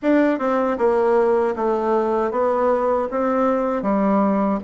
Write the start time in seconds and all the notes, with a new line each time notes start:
0.02 D4
0.38 C4
0.78 A#3
1.56 A3
2.31 B3
3.10 C4
3.82 G3